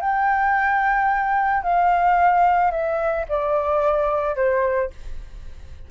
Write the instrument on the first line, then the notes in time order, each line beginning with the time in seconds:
flute
0.00 G5
1.63 F5
2.70 E5
3.28 D5
4.35 C5